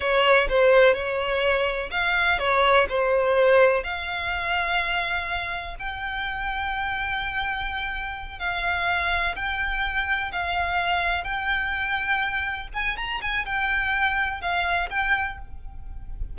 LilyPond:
\new Staff \with { instrumentName = "violin" } { \time 4/4 \tempo 4 = 125 cis''4 c''4 cis''2 | f''4 cis''4 c''2 | f''1 | g''1~ |
g''4. f''2 g''8~ | g''4. f''2 g''8~ | g''2~ g''8 gis''8 ais''8 gis''8 | g''2 f''4 g''4 | }